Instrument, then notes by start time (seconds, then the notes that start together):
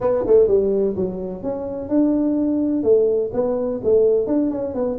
tuba
0.00 B3
0.26 A3
0.47 G3
0.96 F#3
1.43 C#4
1.89 D4
2.83 A3
3.33 B3
3.83 A3
4.27 D4
4.51 C#4
4.74 B3